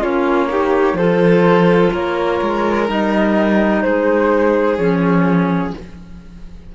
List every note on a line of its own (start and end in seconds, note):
0.00 0.94 A#3
0.00 0.49 C#4
0.00 0.48 F4
0.00 0.96 C#5
0.49 0.97 D#4
0.49 0.98 G4
0.94 1.89 F3
0.94 2.88 F4
0.94 1.93 A4
0.94 1.91 C5
1.93 2.41 A#3
1.93 3.83 A#4
1.93 2.88 C#5
2.41 2.89 G#3
2.88 3.84 G3
2.88 4.78 D#4
2.88 3.82 D#5
3.82 4.78 G#3
3.82 5.75 G#4
3.82 4.77 C5
4.77 5.73 F3
4.77 5.74 C#4
4.77 5.72 C#5